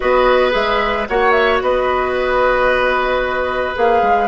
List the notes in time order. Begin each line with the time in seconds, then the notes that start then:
0.00 B3 F#4 B4 D#5
0.51 G#3 G#4 E5
1.08 A#3 F#4 C#5 F#5
1.31 E5
1.61 B3 B4 D#5
3.75 A#3 G#4 F5
4.01 G#3